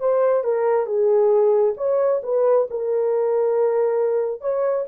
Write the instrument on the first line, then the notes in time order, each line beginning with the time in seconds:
horn
0.00 C5
0.44 A#4
0.86 G#4
1.77 C#5
2.23 B4
2.70 A#4
4.41 C#5